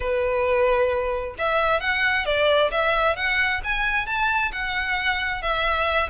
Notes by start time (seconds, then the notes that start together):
0.00 B4
1.38 E5
1.80 F#5
2.25 D5
2.71 E5
3.16 F#5
3.64 G#5
4.06 A5
4.52 F#5
5.42 E5